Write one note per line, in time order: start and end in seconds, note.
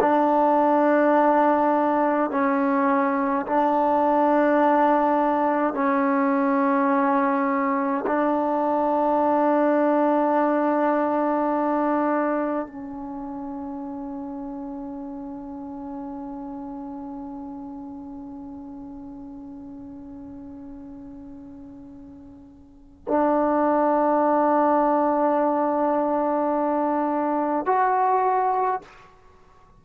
0.00 2.30 D4
2.30 3.46 C#4
3.46 5.74 D4
5.74 8.05 C#4
8.07 12.67 D4
12.67 23.05 C#4
23.08 27.66 D4
27.66 28.81 F#4